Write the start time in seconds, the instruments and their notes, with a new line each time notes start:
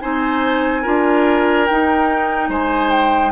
0.00 bassoon C4, clarinet D#4, oboe C5, flute G#5
0.82 bassoon D4, clarinet F4, oboe A#4
1.66 bassoon D#4, clarinet D#4, flute G5
2.49 bassoon G#3, oboe C5, flute G#5
2.90 flute G5